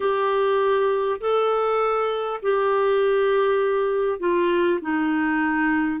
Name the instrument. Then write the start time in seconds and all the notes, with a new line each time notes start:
clarinet
0.00 G4
1.20 A4
2.42 G4
4.19 F4
4.81 D#4